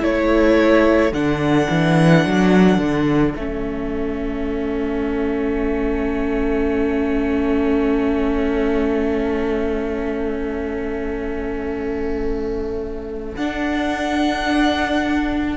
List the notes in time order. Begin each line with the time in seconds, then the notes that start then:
0.00 A3 E4 A4 C#5
1.12 D3 D4 F#5
1.70 E3
2.25 F#3
2.78 D3
3.34 A3 C#4 E5
13.37 D4 F#5